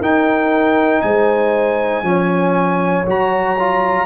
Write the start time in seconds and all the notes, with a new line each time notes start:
0.00 D#4 A#4 G5
1.02 G#3 C5 G#5
2.03 F3 C#4 C#5
3.06 F#3 F#4 A#5
3.59 F4